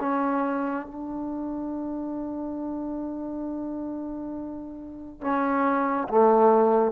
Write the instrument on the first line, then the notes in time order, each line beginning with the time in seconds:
trombone
0.00 C#4
0.87 D4
5.21 C#4
6.09 A3